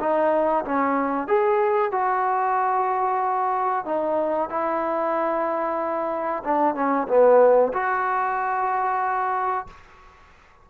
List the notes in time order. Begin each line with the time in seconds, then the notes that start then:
0.00 D#4
0.65 C#4
1.28 G#4
1.91 F#4
3.85 D#4
4.50 E4
6.44 D4
6.75 C#4
7.08 B3
7.73 F#4